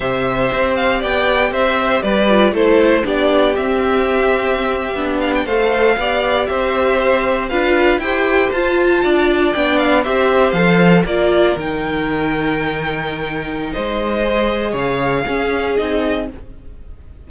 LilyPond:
<<
  \new Staff \with { instrumentName = "violin" } { \time 4/4 \tempo 4 = 118 e''4. f''8 g''4 e''4 | d''4 c''4 d''4 e''4~ | e''2~ e''16 f''16 g''16 f''4~ f''16~ | f''8. e''2 f''4 g''16~ |
g''8. a''2 g''8 f''8 e''16~ | e''8. f''4 d''4 g''4~ g''16~ | g''2. dis''4~ | dis''4 f''2 dis''4 | }
  \new Staff \with { instrumentName = "violin" } { \time 4/4 c''2 d''4 c''4 | b'4 a'4 g'2~ | g'2~ g'8. c''4 d''16~ | d''8. c''2 b'4 c''16~ |
c''4.~ c''16 d''2 c''16~ | c''4.~ c''16 ais'2~ ais'16~ | ais'2. c''4~ | c''4 cis''4 gis'2 | }
  \new Staff \with { instrumentName = "viola" } { \time 4/4 g'1~ | g'8 f'8 e'4 d'4 c'4~ | c'4.~ c'16 d'4 a'4 g'16~ | g'2~ g'8. f'4 g'16~ |
g'8. f'2 d'4 g'16~ | g'8. a'4 f'4 dis'4~ dis'16~ | dis'1 | gis'2 cis'4 dis'4 | }
  \new Staff \with { instrumentName = "cello" } { \time 4/4 c4 c'4 b4 c'4 | g4 a4 b4 c'4~ | c'4.~ c'16 b4 a4 b16~ | b8. c'2 d'4 e'16~ |
e'8. f'4 d'4 b4 c'16~ | c'8. f4 ais4 dis4~ dis16~ | dis2. gis4~ | gis4 cis4 cis'4 c'4 | }
>>